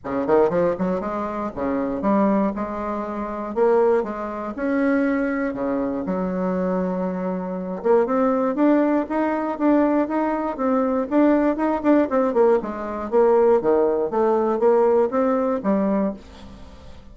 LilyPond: \new Staff \with { instrumentName = "bassoon" } { \time 4/4 \tempo 4 = 119 cis8 dis8 f8 fis8 gis4 cis4 | g4 gis2 ais4 | gis4 cis'2 cis4 | fis2.~ fis8 ais8 |
c'4 d'4 dis'4 d'4 | dis'4 c'4 d'4 dis'8 d'8 | c'8 ais8 gis4 ais4 dis4 | a4 ais4 c'4 g4 | }